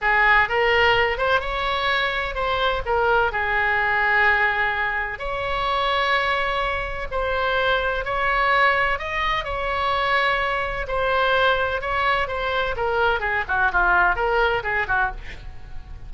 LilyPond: \new Staff \with { instrumentName = "oboe" } { \time 4/4 \tempo 4 = 127 gis'4 ais'4. c''8 cis''4~ | cis''4 c''4 ais'4 gis'4~ | gis'2. cis''4~ | cis''2. c''4~ |
c''4 cis''2 dis''4 | cis''2. c''4~ | c''4 cis''4 c''4 ais'4 | gis'8 fis'8 f'4 ais'4 gis'8 fis'8 | }